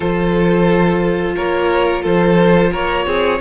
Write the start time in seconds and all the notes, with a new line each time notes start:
0.00 F3 F4 A4 C5
1.35 A#3 A#4 C#5
2.02 F3 A4 C5
2.71 A#3 A#4 C#5
3.06 C4 G#4